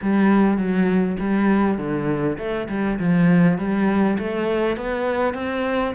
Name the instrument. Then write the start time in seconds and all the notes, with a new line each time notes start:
cello
0.01 G3
0.57 F#3
1.19 G3
1.78 D3
2.38 A3
2.69 G3
2.99 F3
3.58 G3
4.18 A3
4.76 B3
5.34 C4